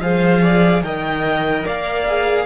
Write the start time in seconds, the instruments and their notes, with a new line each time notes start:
0.00 cello F3, viola G#4, violin C5 F5
0.42 violin D5
0.82 cello D#3, viola A#4, violin D#5 G5
1.66 cello A#3, violin D5 F5
2.08 viola G#4